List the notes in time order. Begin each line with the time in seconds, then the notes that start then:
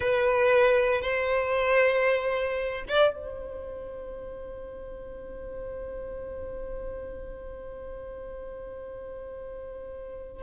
0.00 B4
1.01 C5
2.88 D5
3.14 C5